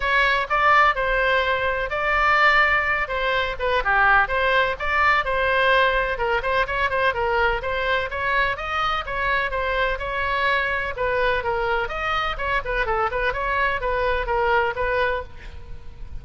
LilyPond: \new Staff \with { instrumentName = "oboe" } { \time 4/4 \tempo 4 = 126 cis''4 d''4 c''2 | d''2~ d''8 c''4 b'8 | g'4 c''4 d''4 c''4~ | c''4 ais'8 c''8 cis''8 c''8 ais'4 |
c''4 cis''4 dis''4 cis''4 | c''4 cis''2 b'4 | ais'4 dis''4 cis''8 b'8 a'8 b'8 | cis''4 b'4 ais'4 b'4 | }